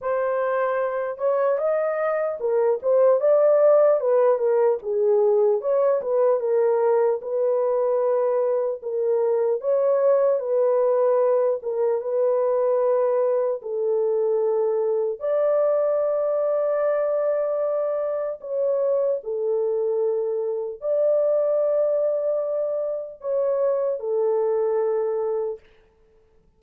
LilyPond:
\new Staff \with { instrumentName = "horn" } { \time 4/4 \tempo 4 = 75 c''4. cis''8 dis''4 ais'8 c''8 | d''4 b'8 ais'8 gis'4 cis''8 b'8 | ais'4 b'2 ais'4 | cis''4 b'4. ais'8 b'4~ |
b'4 a'2 d''4~ | d''2. cis''4 | a'2 d''2~ | d''4 cis''4 a'2 | }